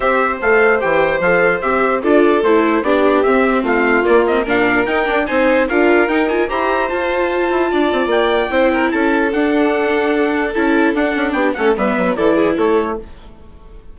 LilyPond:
<<
  \new Staff \with { instrumentName = "trumpet" } { \time 4/4 \tempo 4 = 148 e''4 f''4 g''4 f''4 | e''4 d''4 c''4 d''4 | e''4 f''4 d''8 dis''8 f''4 | g''4 gis''4 f''4 g''8 gis''8 |
ais''4 a''2. | g''2 a''4 fis''4~ | fis''2 a''4 fis''4 | g''8 fis''8 e''4 d''4 cis''4 | }
  \new Staff \with { instrumentName = "violin" } { \time 4/4 c''1~ | c''4 a'2 g'4~ | g'4 f'2 ais'4~ | ais'4 c''4 ais'2 |
c''2. d''4~ | d''4 c''8 ais'8 a'2~ | a'1 | g'8 a'8 b'4 a'8 gis'8 a'4 | }
  \new Staff \with { instrumentName = "viola" } { \time 4/4 g'4 a'4 g'4 a'4 | g'4 f'4 e'4 d'4 | c'2 ais8 c'8 d'4 | dis'8 d'8 dis'4 f'4 dis'8 f'8 |
g'4 f'2.~ | f'4 e'2 d'4~ | d'2 e'4 d'4~ | d'8 cis'8 b4 e'2 | }
  \new Staff \with { instrumentName = "bassoon" } { \time 4/4 c'4 a4 e4 f4 | c'4 d'4 a4 b4 | c'4 a4 ais4 ais,4 | dis'8 d'8 c'4 d'4 dis'4 |
e'4 f'4. e'8 d'8 c'8 | ais4 c'4 cis'4 d'4~ | d'2 cis'4 d'8 cis'8 | b8 a8 g8 fis8 e4 a4 | }
>>